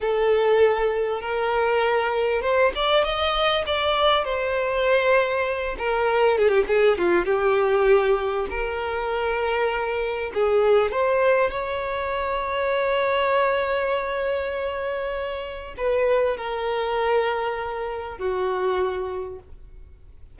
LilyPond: \new Staff \with { instrumentName = "violin" } { \time 4/4 \tempo 4 = 99 a'2 ais'2 | c''8 d''8 dis''4 d''4 c''4~ | c''4. ais'4 gis'16 g'16 gis'8 f'8 | g'2 ais'2~ |
ais'4 gis'4 c''4 cis''4~ | cis''1~ | cis''2 b'4 ais'4~ | ais'2 fis'2 | }